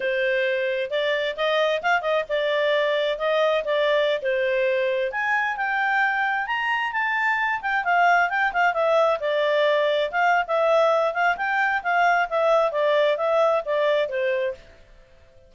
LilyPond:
\new Staff \with { instrumentName = "clarinet" } { \time 4/4 \tempo 4 = 132 c''2 d''4 dis''4 | f''8 dis''8 d''2 dis''4 | d''4~ d''16 c''2 gis''8.~ | gis''16 g''2 ais''4 a''8.~ |
a''8. g''8 f''4 g''8 f''8 e''8.~ | e''16 d''2 f''8. e''4~ | e''8 f''8 g''4 f''4 e''4 | d''4 e''4 d''4 c''4 | }